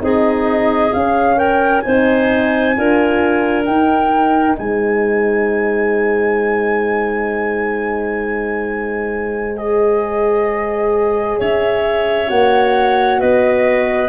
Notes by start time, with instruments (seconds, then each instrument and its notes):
0.00 tuba C4, horn D#4, clarinet G#4, flute D#5
0.93 horn C#4, tuba C#4, flute F5
1.37 clarinet A#4, flute G5
1.81 tuba C4, horn D#4, clarinet C5, flute G#5
2.76 tuba D4, horn F4, clarinet A#4
3.65 horn D#4, tuba D#4, flute G5
4.58 tuba G#3, clarinet C5, flute G#5
9.55 horn G#4, flute D#5
11.39 tuba C#4, clarinet C#5, flute E5
12.27 tuba A#3, horn F#4, flute F#5
13.20 tuba B3, clarinet B4, flute D#5